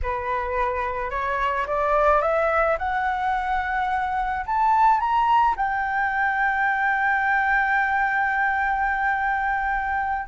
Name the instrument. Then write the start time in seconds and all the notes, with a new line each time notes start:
flute
0.02 B4
1.10 C#5
1.66 D5
2.21 E5
2.78 F#5
4.46 A5
4.99 A#5
5.56 G5